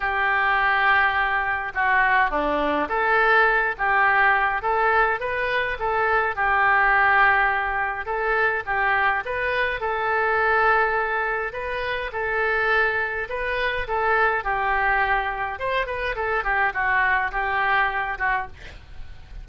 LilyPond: \new Staff \with { instrumentName = "oboe" } { \time 4/4 \tempo 4 = 104 g'2. fis'4 | d'4 a'4. g'4. | a'4 b'4 a'4 g'4~ | g'2 a'4 g'4 |
b'4 a'2. | b'4 a'2 b'4 | a'4 g'2 c''8 b'8 | a'8 g'8 fis'4 g'4. fis'8 | }